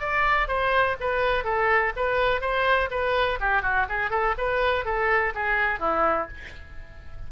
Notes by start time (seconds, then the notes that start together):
0.00 D5
0.48 C5
1.00 B4
1.44 A4
1.96 B4
2.41 C5
2.91 B4
3.40 G4
3.62 F#4
3.89 G#4
4.10 A4
4.38 B4
4.85 A4
5.35 G#4
5.80 E4